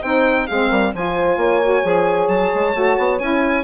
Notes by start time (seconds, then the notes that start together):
0.00 C4 D#4 C5 G5
0.47 G#3 C4 G#4 F5
0.69 G3 A#4
0.94 F3 F4 C5 G#5
1.37 A#3 C#5
1.63 F#4
1.83 F3 G#4
2.28 F#3 A5
2.55 G#3
2.73 A3 F#4
2.98 B3
3.19 C#4 E4 G#5